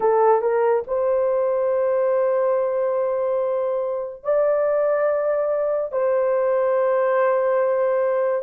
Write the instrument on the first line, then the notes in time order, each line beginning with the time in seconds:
horn
0.00 A4
0.41 A#4
0.87 C5
4.23 D5
5.92 C5